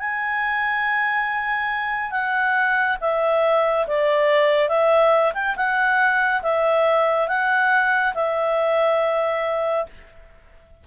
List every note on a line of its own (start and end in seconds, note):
0.00 2.12 G#5
2.12 2.98 F#5
3.02 3.87 E5
3.88 4.69 D5
4.69 5.33 E5
5.35 5.56 G5
5.57 6.42 F#5
6.43 7.29 E5
7.29 8.14 F#5
8.15 9.86 E5